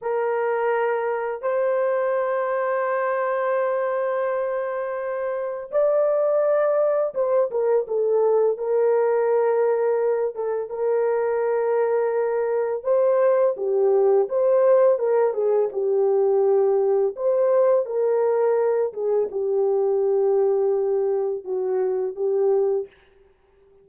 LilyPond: \new Staff \with { instrumentName = "horn" } { \time 4/4 \tempo 4 = 84 ais'2 c''2~ | c''1 | d''2 c''8 ais'8 a'4 | ais'2~ ais'8 a'8 ais'4~ |
ais'2 c''4 g'4 | c''4 ais'8 gis'8 g'2 | c''4 ais'4. gis'8 g'4~ | g'2 fis'4 g'4 | }